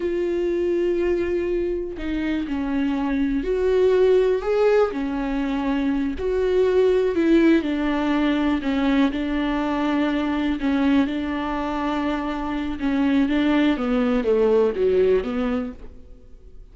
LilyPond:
\new Staff \with { instrumentName = "viola" } { \time 4/4 \tempo 4 = 122 f'1 | dis'4 cis'2 fis'4~ | fis'4 gis'4 cis'2~ | cis'8 fis'2 e'4 d'8~ |
d'4. cis'4 d'4.~ | d'4. cis'4 d'4.~ | d'2 cis'4 d'4 | b4 a4 fis4 b4 | }